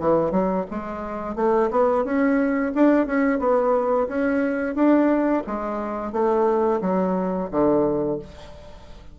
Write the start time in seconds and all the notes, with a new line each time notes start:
0.00 E3
0.32 F#3
0.70 G#3
1.36 A3
1.71 B3
2.05 C#4
2.75 D4
3.07 C#4
3.39 B3
4.08 C#4
4.75 D4
5.47 G#3
6.13 A3
6.82 F#3
7.51 D3